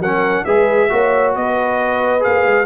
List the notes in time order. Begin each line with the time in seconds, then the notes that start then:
0.00 F#3 C#4 A#4 F#5
0.45 G#3 G#4 B4 E5
0.90 A#3 F#4 C#5
1.36 B3 B4 D#5
2.20 A#3 G#4 F5
2.46 G#3